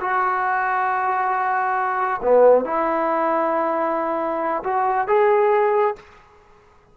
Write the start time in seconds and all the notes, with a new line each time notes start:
0.00 F#4
2.22 B3
2.65 E4
4.63 F#4
5.07 G#4